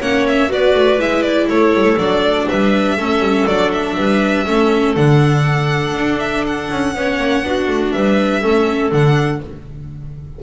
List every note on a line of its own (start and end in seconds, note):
0.00 0.50 A#3
0.00 0.48 C#4
0.00 0.50 C#5
0.00 0.26 F#5
0.27 0.52 E5
0.48 0.74 B3
0.48 0.98 F#4
0.48 1.47 B4
0.48 1.00 D5
0.74 0.99 A3
0.98 1.48 G#3
0.98 1.97 E4
0.98 1.22 E5
1.22 1.46 D5
1.47 1.74 A3
1.47 2.46 A4
1.47 1.98 C#5
1.74 1.83 G3
1.83 1.96 A3
1.97 2.46 F#3
1.97 2.98 D4
1.97 2.47 D5
2.46 2.97 G3
2.46 2.96 B4
2.46 3.46 E5
2.96 3.19 A3
2.96 3.47 C#4
2.96 3.95 A4
3.19 3.44 G3
3.46 3.96 F#3
3.46 4.45 D4
3.46 3.71 D5
3.71 4.95 E5
3.96 4.46 G3
3.96 4.46 B4
4.45 4.96 A3
4.45 4.95 C#4
4.45 6.94 A4
4.96 5.94 D3
4.96 6.94 D4
4.96 6.19 F#5
5.94 6.68 D4
6.19 6.44 E5
6.46 7.92 F#5
6.70 6.95 C#4
6.95 7.18 B3
6.95 7.43 C#4
6.95 7.45 C#5
7.18 7.43 A#3
7.43 7.67 B3
7.43 8.41 D4
7.43 7.94 F#4
7.67 7.92 A3
7.92 8.43 G3
7.92 8.41 B4
7.92 8.91 E5
8.41 8.92 A3
8.41 8.91 C#4
8.41 9.40 A4
8.91 9.41 D3
8.91 9.41 D4
8.91 9.42 F#5